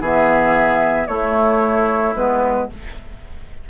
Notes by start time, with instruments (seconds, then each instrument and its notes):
0.00 bassoon E3, clarinet B3, oboe G#4, flute E5
1.07 bassoon A3, clarinet A3, oboe E4, flute C#5
2.15 bassoon G#3, clarinet B3, flute B4